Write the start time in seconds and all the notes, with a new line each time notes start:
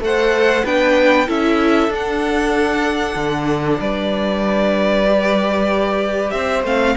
0.00 A3 A4 C5 F#5
0.64 B3 D4 B4 G5
1.26 C#4 E4 A4 E5
1.88 D4
1.94 F#5
3.15 D3
3.80 G3 B4 D5
5.05 G4
6.31 C4 C5 E5
6.63 A3 C4 F5